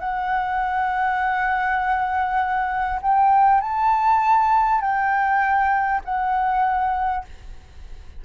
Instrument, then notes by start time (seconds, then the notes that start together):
flute
0.00 F#5
3.02 G5
3.62 A5
4.82 G5
6.05 F#5